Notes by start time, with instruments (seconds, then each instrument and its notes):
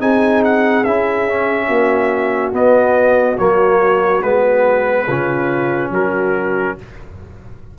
0.00 tuba C4, trombone D#4, horn G#4, trumpet G#5
0.44 trumpet F#5
0.84 tuba C#4, trombone E4, trumpet E5
1.29 trombone C#4
1.68 tuba A#3, horn F#4
2.53 trombone B3, tuba B3, trumpet D#5
3.38 tuba F#3, trombone A#3, trumpet C#5
4.23 tuba G#3, trombone B3, trumpet B4
5.07 tuba C#3, trombone C#4, horn F4
5.91 tuba F#3, horn F#4, trumpet A#4